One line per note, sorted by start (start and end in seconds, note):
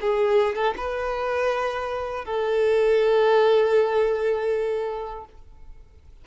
0.00 0.55 G#4
0.55 0.74 A4
0.77 2.25 B4
2.25 5.25 A4